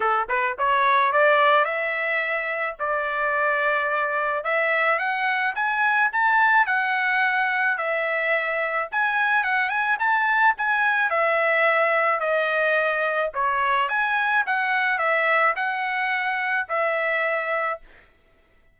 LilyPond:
\new Staff \with { instrumentName = "trumpet" } { \time 4/4 \tempo 4 = 108 a'8 b'8 cis''4 d''4 e''4~ | e''4 d''2. | e''4 fis''4 gis''4 a''4 | fis''2 e''2 |
gis''4 fis''8 gis''8 a''4 gis''4 | e''2 dis''2 | cis''4 gis''4 fis''4 e''4 | fis''2 e''2 | }